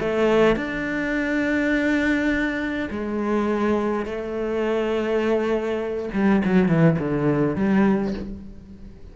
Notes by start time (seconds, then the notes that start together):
0.00 A3
0.56 D4
2.90 G#3
4.05 A3
6.13 G3
6.44 F#3
6.68 E3
6.98 D3
7.55 G3